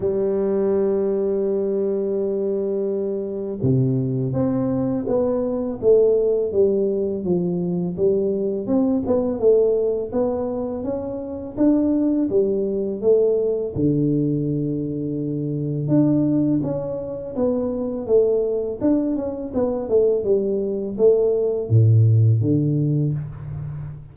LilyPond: \new Staff \with { instrumentName = "tuba" } { \time 4/4 \tempo 4 = 83 g1~ | g4 c4 c'4 b4 | a4 g4 f4 g4 | c'8 b8 a4 b4 cis'4 |
d'4 g4 a4 d4~ | d2 d'4 cis'4 | b4 a4 d'8 cis'8 b8 a8 | g4 a4 a,4 d4 | }